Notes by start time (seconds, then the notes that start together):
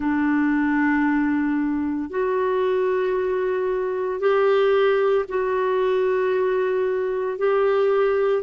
0.00 D4
2.10 F#4
4.20 G4
5.28 F#4
7.37 G4